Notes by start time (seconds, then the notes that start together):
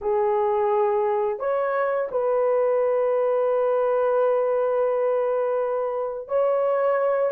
0.01 G#4
1.39 C#5
2.11 B4
6.28 C#5